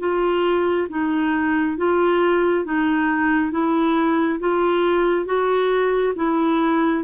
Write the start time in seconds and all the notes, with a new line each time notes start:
0.00 F4
0.90 D#4
1.78 F4
2.66 D#4
3.52 E4
4.40 F4
5.26 F#4
6.16 E4